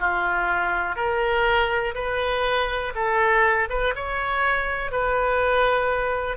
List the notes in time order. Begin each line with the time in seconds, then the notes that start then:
0.00 F4
0.96 A#4
1.95 B4
2.95 A4
3.70 B4
3.95 C#5
4.91 B4